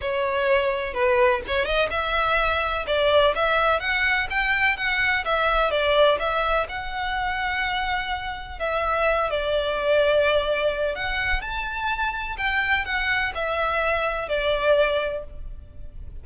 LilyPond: \new Staff \with { instrumentName = "violin" } { \time 4/4 \tempo 4 = 126 cis''2 b'4 cis''8 dis''8 | e''2 d''4 e''4 | fis''4 g''4 fis''4 e''4 | d''4 e''4 fis''2~ |
fis''2 e''4. d''8~ | d''2. fis''4 | a''2 g''4 fis''4 | e''2 d''2 | }